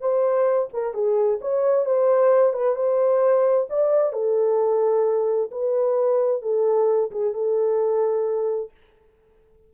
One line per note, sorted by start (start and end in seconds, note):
0.00 0.69 C5
0.73 0.93 A#4
0.93 1.39 G#4
1.41 1.85 C#5
1.85 2.53 C5
2.53 2.75 B4
2.75 3.67 C5
3.69 4.13 D5
4.13 5.50 A4
5.51 6.42 B4
6.42 7.10 A4
7.11 7.33 G#4
7.33 8.70 A4